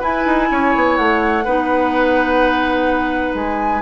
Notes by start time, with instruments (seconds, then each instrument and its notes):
0.00 clarinet E4, bassoon E4, oboe B4, flute G#5
0.26 bassoon D#4
0.51 bassoon C#4, oboe C#5
0.75 bassoon B3
0.96 bassoon A3, flute F#5
1.45 bassoon B3, clarinet D#4, oboe B4
3.34 bassoon G#3, flute G#5